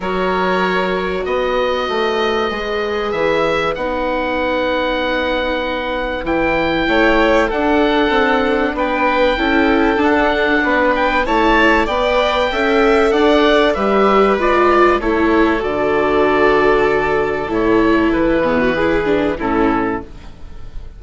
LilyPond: <<
  \new Staff \with { instrumentName = "oboe" } { \time 4/4 \tempo 4 = 96 cis''2 dis''2~ | dis''4 e''4 fis''2~ | fis''2 g''2 | fis''2 g''2 |
fis''4. g''8 a''4 g''4~ | g''4 fis''4 e''4 d''4 | cis''4 d''2. | cis''4 b'2 a'4 | }
  \new Staff \with { instrumentName = "violin" } { \time 4/4 ais'2 b'2~ | b'1~ | b'2. cis''4 | a'2 b'4 a'4~ |
a'4 b'4 cis''4 d''4 | e''4 d''4 b'2 | a'1~ | a'4. gis'16 fis'16 gis'4 e'4 | }
  \new Staff \with { instrumentName = "viola" } { \time 4/4 fis'1 | gis'2 dis'2~ | dis'2 e'2 | d'2. e'4 |
d'2 e'4 b'4 | a'2 g'4 f'4 | e'4 fis'2. | e'4. b8 e'8 d'8 cis'4 | }
  \new Staff \with { instrumentName = "bassoon" } { \time 4/4 fis2 b4 a4 | gis4 e4 b2~ | b2 e4 a4 | d'4 c'4 b4 cis'4 |
d'4 b4 a4 b4 | cis'4 d'4 g4 gis4 | a4 d2. | a,4 e2 a,4 | }
>>